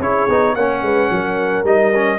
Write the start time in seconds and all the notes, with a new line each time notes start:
0.00 C#4 E4 G#4 C#5
0.29 B3 D#4
0.55 A#3 C#4 C#5 F#5
0.82 G#3 B4
1.11 F#3 A#4
1.64 G3 D#4 D#5
1.95 C#4